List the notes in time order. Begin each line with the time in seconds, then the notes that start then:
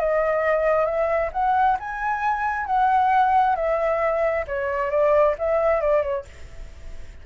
0.00 D#5
0.86 E5
1.33 F#5
1.80 G#5
2.66 F#5
3.56 E5
4.48 C#5
4.91 D5
5.39 E5
5.81 D5
6.03 C#5